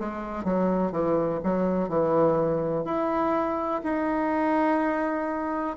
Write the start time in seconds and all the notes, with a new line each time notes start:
0.00 G#3
0.45 F#3
0.92 E3
1.44 F#3
1.89 E3
2.85 E4
3.84 D#4